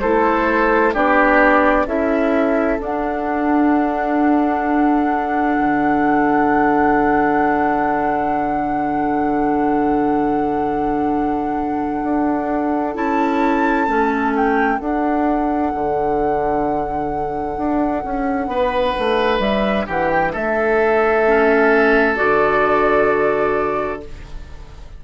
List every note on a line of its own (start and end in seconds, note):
0.00 0.95 A3
0.00 0.94 E4
0.00 0.93 A4
0.00 0.92 C5
0.93 1.85 B3
0.93 1.86 D4
0.93 1.86 G4
0.93 1.87 D5
1.85 2.78 C#4
1.85 2.78 E4
1.85 18.49 A4
1.85 2.79 E5
2.79 12.94 D4
2.79 5.57 D4
2.79 12.96 F#5
5.58 12.03 D3
12.03 12.95 D4
12.94 13.87 C#4
12.94 13.87 E4
12.94 14.34 A5
13.87 14.79 A3
13.87 14.78 C#4
14.35 14.79 G5
14.78 21.25 D4
14.78 15.72 D4
14.78 19.40 F#5
15.74 17.57 D3
17.57 18.03 D4
18.04 18.47 C#4
18.47 18.93 B3
18.47 19.86 B4
18.98 19.39 A3
19.39 19.85 G3
19.39 19.86 E5
19.86 20.34 E3
19.86 20.32 G4
19.86 20.09 F#5
20.09 20.32 G5
20.32 22.18 A3
20.32 24.01 A4
20.32 22.16 E5
21.27 22.15 C#4
22.15 24.04 D3
22.15 24.00 F#4
22.15 24.00 D5